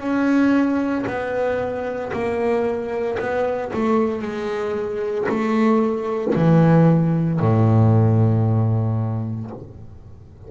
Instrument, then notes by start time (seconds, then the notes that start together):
double bass
0.00 C#4
1.07 B3
2.13 A#3
3.19 B3
3.74 A3
4.22 G#3
5.29 A3
6.36 E3
7.41 A2